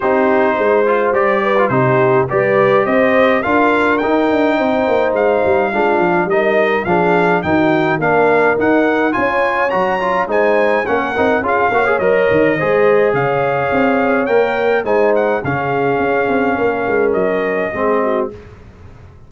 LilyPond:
<<
  \new Staff \with { instrumentName = "trumpet" } { \time 4/4 \tempo 4 = 105 c''2 d''4 c''4 | d''4 dis''4 f''4 g''4~ | g''4 f''2 dis''4 | f''4 g''4 f''4 fis''4 |
gis''4 ais''4 gis''4 fis''4 | f''4 dis''2 f''4~ | f''4 g''4 gis''8 fis''8 f''4~ | f''2 dis''2 | }
  \new Staff \with { instrumentName = "horn" } { \time 4/4 g'4 c''4. b'8 g'4 | b'4 c''4 ais'2 | c''2 f'4 ais'4 | gis'4 fis'4 ais'2 |
cis''2 c''4 ais'4 | gis'8 cis''4. c''4 cis''4~ | cis''2 c''4 gis'4~ | gis'4 ais'2 gis'8 fis'8 | }
  \new Staff \with { instrumentName = "trombone" } { \time 4/4 dis'4. f'8 g'8. f'16 dis'4 | g'2 f'4 dis'4~ | dis'2 d'4 dis'4 | d'4 dis'4 d'4 dis'4 |
f'4 fis'8 f'8 dis'4 cis'8 dis'8 | f'8 fis'16 gis'16 ais'4 gis'2~ | gis'4 ais'4 dis'4 cis'4~ | cis'2. c'4 | }
  \new Staff \with { instrumentName = "tuba" } { \time 4/4 c'4 gis4 g4 c4 | g4 c'4 d'4 dis'8 d'8 | c'8 ais8 gis8 g8 gis8 f8 g4 | f4 dis4 ais4 dis'4 |
cis'4 fis4 gis4 ais8 c'8 | cis'8 ais8 fis8 dis8 gis4 cis4 | c'4 ais4 gis4 cis4 | cis'8 c'8 ais8 gis8 fis4 gis4 | }
>>